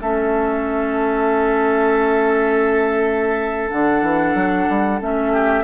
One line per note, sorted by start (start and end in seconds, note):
0.00 3.71 A3
0.00 3.71 C#4
0.00 5.32 A4
0.00 3.70 E5
3.70 4.02 D3
3.70 5.00 D4
3.70 4.99 F#5
4.02 4.34 E3
4.34 4.67 F#3
4.68 5.01 G3
5.00 5.63 A3
5.00 5.63 C#4
5.00 5.63 E5
5.32 5.63 G4